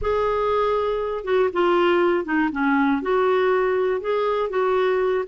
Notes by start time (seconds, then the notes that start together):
0.01 G#4
1.24 F#4
1.52 F4
2.24 D#4
2.52 C#4
3.01 F#4
4.00 G#4
4.49 F#4